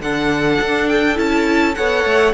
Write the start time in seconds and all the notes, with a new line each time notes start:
0.00 D3 D4 A4 F#5
0.61 D4
0.88 G5
1.15 C#4 E4 A5
1.75 B3 A4 C#5 F#5
2.05 A3